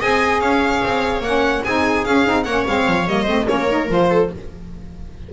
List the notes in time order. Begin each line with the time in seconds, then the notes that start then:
0.00 C4 G#4 D#5 G#5
0.40 C#4 C#5 F5
0.85 C4
1.20 A#3 C#4 F#5
1.64 C4 D#4 G#4 G#5
2.05 C#4 F5
2.26 C4 D#4
2.44 A#3 C#4 C#5 F#5
2.67 G#3 C4 F5
2.87 F3
3.07 G3 A#3 D#5
3.23 A3 C4 C5
3.46 A#3 C#4 A#4 C#5
3.69 D#4
3.89 F3 F4 C5
4.10 A4